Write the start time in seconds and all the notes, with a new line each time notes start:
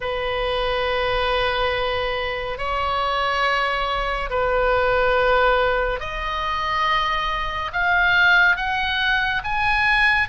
0.00 B4
2.58 C#5
4.30 B4
6.00 D#5
7.72 F5
8.56 F#5
9.44 G#5